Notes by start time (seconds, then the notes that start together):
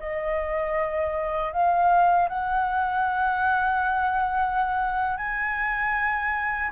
0.00 D#5
1.53 F5
2.29 F#5
5.17 G#5